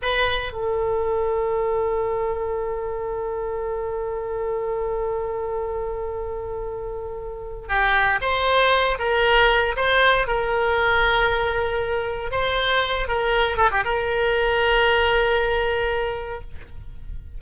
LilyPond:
\new Staff \with { instrumentName = "oboe" } { \time 4/4 \tempo 4 = 117 b'4 a'2.~ | a'1~ | a'1~ | a'2. g'4 |
c''4. ais'4. c''4 | ais'1 | c''4. ais'4 a'16 g'16 ais'4~ | ais'1 | }